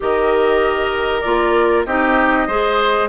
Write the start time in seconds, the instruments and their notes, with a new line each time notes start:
0.00 bassoon D#3, clarinet G4, oboe A#4, flute D#5
1.20 bassoon A#3, clarinet F4, flute D5
1.85 bassoon C4, clarinet D#4, oboe G4, flute D#5
2.47 bassoon G#3, clarinet G#4, oboe C5